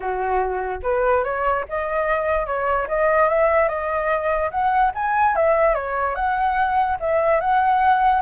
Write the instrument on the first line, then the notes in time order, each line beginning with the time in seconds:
flute
0.00 F#4
0.82 B4
1.23 C#5
1.68 D#5
2.46 C#5
2.88 D#5
3.29 E5
3.68 D#5
4.50 F#5
4.94 G#5
5.35 E5
5.74 C#5
6.15 F#5
7.00 E5
7.40 F#5